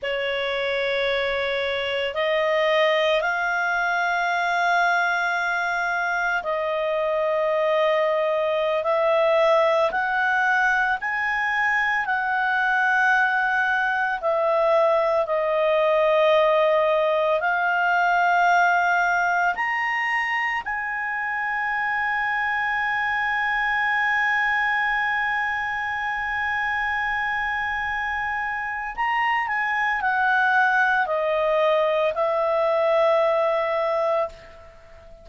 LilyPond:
\new Staff \with { instrumentName = "clarinet" } { \time 4/4 \tempo 4 = 56 cis''2 dis''4 f''4~ | f''2 dis''2~ | dis''16 e''4 fis''4 gis''4 fis''8.~ | fis''4~ fis''16 e''4 dis''4.~ dis''16~ |
dis''16 f''2 ais''4 gis''8.~ | gis''1~ | gis''2. ais''8 gis''8 | fis''4 dis''4 e''2 | }